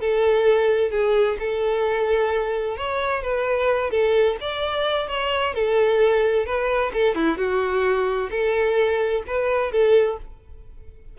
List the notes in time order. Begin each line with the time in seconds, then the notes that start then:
0.00 A4
0.90 G#4
1.39 A4
2.77 C#5
3.22 B4
3.90 A4
4.40 D5
5.08 C#5
5.54 A4
6.46 B4
6.93 A4
7.15 E4
7.37 F#4
8.30 A4
9.27 B4
9.71 A4